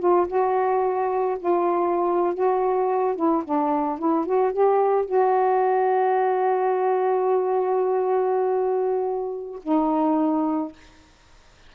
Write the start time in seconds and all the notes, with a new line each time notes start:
0.00 F4
0.28 F#4
1.40 F4
2.35 F#4
3.17 E4
3.45 D4
3.99 E4
4.26 F#4
4.53 G4
5.06 F#4
9.63 D#4